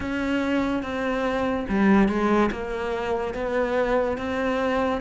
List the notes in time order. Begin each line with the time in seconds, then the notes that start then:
0.00 C#4
0.82 C4
1.69 G3
2.08 G#3
2.51 A#3
3.34 B3
4.17 C4